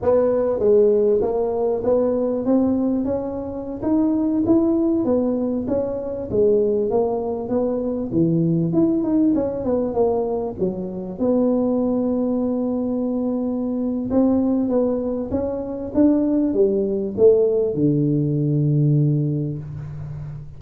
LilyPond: \new Staff \with { instrumentName = "tuba" } { \time 4/4 \tempo 4 = 98 b4 gis4 ais4 b4 | c'4 cis'4~ cis'16 dis'4 e'8.~ | e'16 b4 cis'4 gis4 ais8.~ | ais16 b4 e4 e'8 dis'8 cis'8 b16~ |
b16 ais4 fis4 b4.~ b16~ | b2. c'4 | b4 cis'4 d'4 g4 | a4 d2. | }